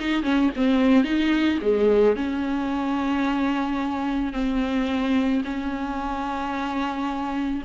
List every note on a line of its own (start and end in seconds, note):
0.00 0.23 D#4
0.23 0.50 C#4
0.56 1.04 C4
1.04 1.59 D#4
1.62 2.16 G#3
2.16 4.33 C#4
4.33 5.42 C4
5.44 7.63 C#4